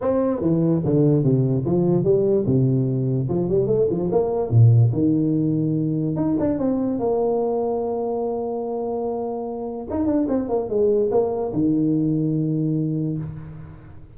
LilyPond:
\new Staff \with { instrumentName = "tuba" } { \time 4/4 \tempo 4 = 146 c'4 e4 d4 c4 | f4 g4 c2 | f8 g8 a8 f8 ais4 ais,4 | dis2. dis'8 d'8 |
c'4 ais2.~ | ais1 | dis'8 d'8 c'8 ais8 gis4 ais4 | dis1 | }